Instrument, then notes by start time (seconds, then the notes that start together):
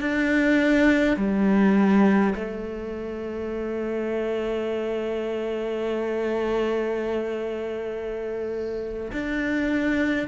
cello
0.00 D4
1.17 G3
2.35 A3
9.12 D4